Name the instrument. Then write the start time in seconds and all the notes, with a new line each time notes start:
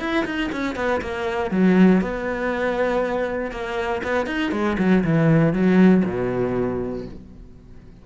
cello
0.00 E4
0.26 D#4
0.52 C#4
0.76 B3
1.02 A#3
1.51 F#3
2.02 B3
3.52 A#3
4.04 B3
4.27 D#4
4.52 G#3
4.79 F#3
5.04 E3
5.54 F#3
6.05 B2